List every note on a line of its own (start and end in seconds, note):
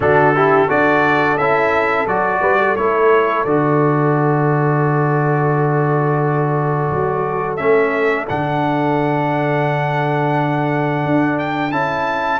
0.00 0.68 D3
0.00 0.34 D4
0.00 0.35 F#4
0.00 0.69 A4
0.35 0.68 E4
0.35 0.67 G4
0.67 1.37 D4
0.67 1.37 F#4
0.67 2.40 A4
0.67 1.37 D5
1.37 2.06 C#4
1.37 2.07 E4
1.37 2.06 E5
2.06 2.41 F#3
2.06 2.76 F#4
2.06 2.76 D5
2.40 2.76 G3
2.40 2.57 B4
2.58 12.40 A4
2.76 3.44 A3
2.76 3.46 E4
2.76 3.44 C#5
3.44 6.89 D3
3.44 7.58 F#4
3.44 7.56 D5
6.90 7.59 F#3
7.56 8.28 A3
7.56 8.27 C#4
7.56 8.25 E5
8.28 11.05 D3
8.28 11.71 D4
8.28 11.39 F#5
11.05 11.71 D4
11.39 11.71 G5
11.71 12.40 C#4
11.71 12.40 E4
11.71 12.40 A5